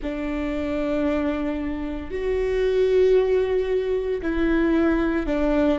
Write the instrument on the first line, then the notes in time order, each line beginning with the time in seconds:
viola
0.02 D4
2.11 F#4
4.22 E4
5.26 D4